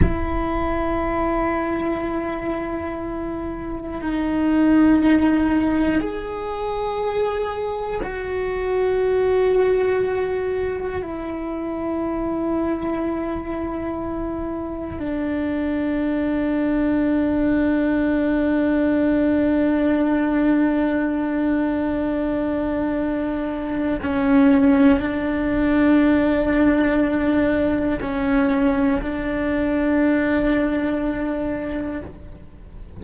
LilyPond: \new Staff \with { instrumentName = "cello" } { \time 4/4 \tempo 4 = 60 e'1 | dis'2 gis'2 | fis'2. e'4~ | e'2. d'4~ |
d'1~ | d'1 | cis'4 d'2. | cis'4 d'2. | }